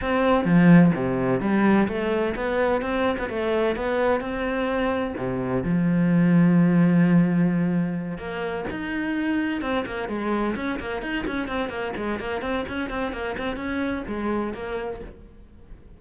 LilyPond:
\new Staff \with { instrumentName = "cello" } { \time 4/4 \tempo 4 = 128 c'4 f4 c4 g4 | a4 b4 c'8. b16 a4 | b4 c'2 c4 | f1~ |
f4. ais4 dis'4.~ | dis'8 c'8 ais8 gis4 cis'8 ais8 dis'8 | cis'8 c'8 ais8 gis8 ais8 c'8 cis'8 c'8 | ais8 c'8 cis'4 gis4 ais4 | }